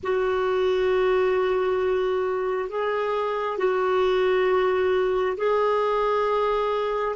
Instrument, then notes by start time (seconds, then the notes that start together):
clarinet
0.03 F#4
2.69 G#4
3.57 F#4
5.37 G#4